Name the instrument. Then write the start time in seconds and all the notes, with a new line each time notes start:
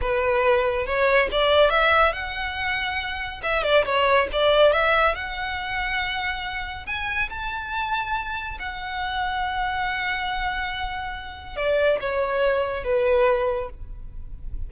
violin
0.01 B4
0.86 C#5
1.31 D5
1.69 E5
2.12 F#5
3.42 E5
3.63 D5
3.85 C#5
4.32 D5
4.72 E5
5.14 F#5
6.86 G#5
7.29 A5
8.59 F#5
11.56 D5
12.00 C#5
12.84 B4